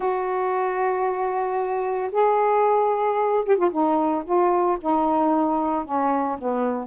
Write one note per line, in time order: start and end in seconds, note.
0.00 2.10 F#4
2.11 3.44 G#4
3.45 3.57 G4
3.57 3.70 F4
3.71 4.24 D#4
4.25 4.78 F4
4.81 5.85 D#4
5.85 6.38 C#4
6.38 6.87 B3